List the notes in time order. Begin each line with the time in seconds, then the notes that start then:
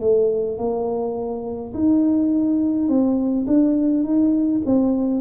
0.00 A3
0.58 A#3
1.74 D#4
2.88 C4
3.47 D4
4.03 D#4
4.65 C4